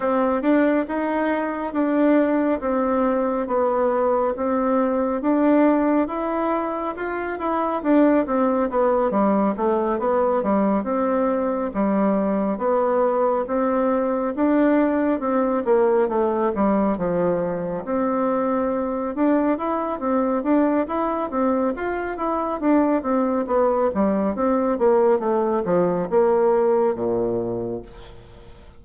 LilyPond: \new Staff \with { instrumentName = "bassoon" } { \time 4/4 \tempo 4 = 69 c'8 d'8 dis'4 d'4 c'4 | b4 c'4 d'4 e'4 | f'8 e'8 d'8 c'8 b8 g8 a8 b8 | g8 c'4 g4 b4 c'8~ |
c'8 d'4 c'8 ais8 a8 g8 f8~ | f8 c'4. d'8 e'8 c'8 d'8 | e'8 c'8 f'8 e'8 d'8 c'8 b8 g8 | c'8 ais8 a8 f8 ais4 ais,4 | }